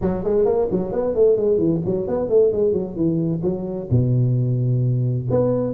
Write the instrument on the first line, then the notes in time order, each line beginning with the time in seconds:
tuba
0.01 F#3
0.24 G#3
0.45 A#3
0.71 F#3
0.92 B3
1.15 A3
1.37 G#3
1.58 E3
1.85 F#3
2.07 B3
2.29 A3
2.52 G#3
2.73 F#3
2.95 E3
3.43 F#3
3.90 B2
5.30 B3